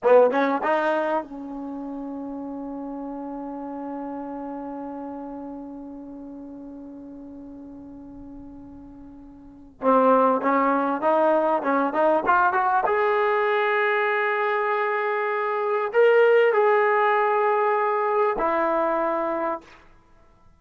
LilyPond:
\new Staff \with { instrumentName = "trombone" } { \time 4/4 \tempo 4 = 98 b8 cis'8 dis'4 cis'2~ | cis'1~ | cis'1~ | cis'1 |
c'4 cis'4 dis'4 cis'8 dis'8 | f'8 fis'8 gis'2.~ | gis'2 ais'4 gis'4~ | gis'2 e'2 | }